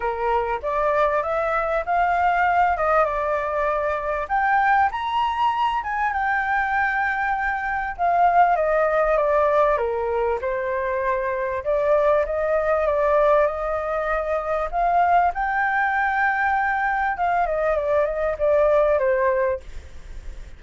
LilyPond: \new Staff \with { instrumentName = "flute" } { \time 4/4 \tempo 4 = 98 ais'4 d''4 e''4 f''4~ | f''8 dis''8 d''2 g''4 | ais''4. gis''8 g''2~ | g''4 f''4 dis''4 d''4 |
ais'4 c''2 d''4 | dis''4 d''4 dis''2 | f''4 g''2. | f''8 dis''8 d''8 dis''8 d''4 c''4 | }